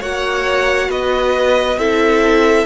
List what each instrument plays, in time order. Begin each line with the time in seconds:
0.00 cello A#3, viola F#4, violin C#5 F#5
0.88 cello B3, violin B4 D#5
1.77 cello C4, viola E4, violin A4 E5